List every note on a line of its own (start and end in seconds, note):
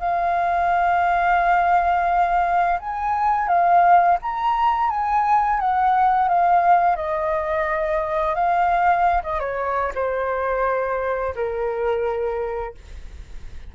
0.00 2.79 F5
2.80 3.48 G#5
3.48 4.18 F5
4.22 4.90 A#5
4.90 5.60 G#5
5.60 6.29 F#5
6.29 6.96 F5
6.96 8.35 D#5
8.35 9.23 F5
9.23 9.40 D#5
9.40 9.92 C#5
9.95 11.35 C5
11.35 12.75 A#4